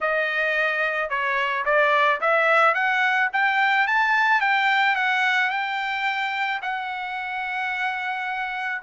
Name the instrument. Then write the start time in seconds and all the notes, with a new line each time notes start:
trumpet
0.01 D#5
1.09 C#5
1.65 D5
2.20 E5
2.74 F#5
3.33 G5
3.87 A5
4.40 G5
4.95 F#5
5.49 G5
6.62 F#5